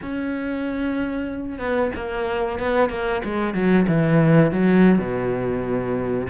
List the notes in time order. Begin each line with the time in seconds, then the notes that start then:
0.02 C#4
1.58 B3
1.95 A#3
2.59 B3
2.89 A#3
3.24 G#3
3.54 F#3
3.87 E3
4.51 F#3
4.98 B2